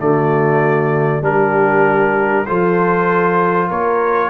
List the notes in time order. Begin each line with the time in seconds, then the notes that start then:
0.00 D3 A3 F#4 D5
1.22 G3 D4 G4 A#4
2.46 F3 F4 A4 C5
3.68 A#3 A#4 C#5